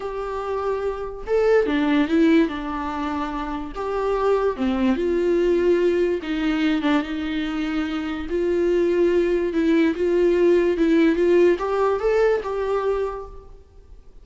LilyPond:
\new Staff \with { instrumentName = "viola" } { \time 4/4 \tempo 4 = 145 g'2. a'4 | d'4 e'4 d'2~ | d'4 g'2 c'4 | f'2. dis'4~ |
dis'8 d'8 dis'2. | f'2. e'4 | f'2 e'4 f'4 | g'4 a'4 g'2 | }